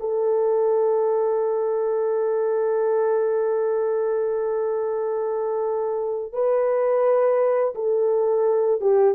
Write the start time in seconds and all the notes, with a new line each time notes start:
0.00 A4
6.32 B4
7.75 A4
8.80 G4